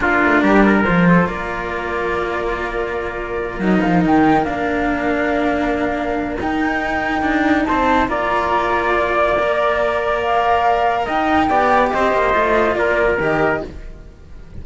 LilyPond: <<
  \new Staff \with { instrumentName = "flute" } { \time 4/4 \tempo 4 = 141 ais'2 c''4 d''4~ | d''1~ | d''8 dis''8 f''8 g''4 f''4.~ | f''2. g''4~ |
g''2 a''4 ais''4~ | ais''4 d''2. | f''2 g''2 | dis''2 d''4 dis''4 | }
  \new Staff \with { instrumentName = "trumpet" } { \time 4/4 f'4 g'8 ais'4 a'8 ais'4~ | ais'1~ | ais'1~ | ais'1~ |
ais'2 c''4 d''4~ | d''1~ | d''2 dis''4 d''4 | c''2 ais'2 | }
  \new Staff \with { instrumentName = "cello" } { \time 4/4 d'2 f'2~ | f'1~ | f'8 dis'2 d'4.~ | d'2. dis'4~ |
dis'2. f'4~ | f'2 ais'2~ | ais'2. g'4~ | g'4 f'2 g'4 | }
  \new Staff \with { instrumentName = "cello" } { \time 4/4 ais8 a8 g4 f4 ais4~ | ais1~ | ais8 fis8 f8 dis4 ais4.~ | ais2. dis'4~ |
dis'4 d'4 c'4 ais4~ | ais1~ | ais2 dis'4 b4 | c'8 ais8 a4 ais4 dis4 | }
>>